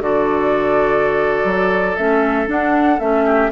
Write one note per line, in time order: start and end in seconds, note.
0.00 1.42 D3
0.00 1.96 F#4
0.00 3.24 A4
0.00 1.95 D5
1.44 1.96 F#3
1.95 2.47 A3
1.95 2.46 C#4
1.95 2.47 E5
2.46 2.98 D4
2.46 2.99 D4
2.46 2.99 F#5
2.99 3.51 A3
2.99 3.51 C#4
2.99 3.51 E5
3.24 3.50 G4